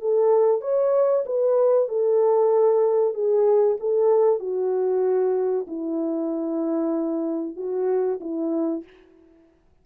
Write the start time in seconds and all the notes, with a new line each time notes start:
0.00 A4
0.61 C#5
1.25 B4
1.88 A4
3.13 G#4
3.80 A4
4.39 F#4
5.67 E4
7.56 F#4
8.20 E4